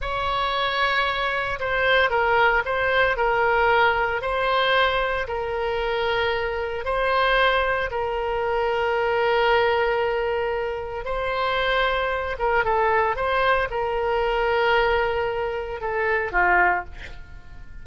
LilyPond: \new Staff \with { instrumentName = "oboe" } { \time 4/4 \tempo 4 = 114 cis''2. c''4 | ais'4 c''4 ais'2 | c''2 ais'2~ | ais'4 c''2 ais'4~ |
ais'1~ | ais'4 c''2~ c''8 ais'8 | a'4 c''4 ais'2~ | ais'2 a'4 f'4 | }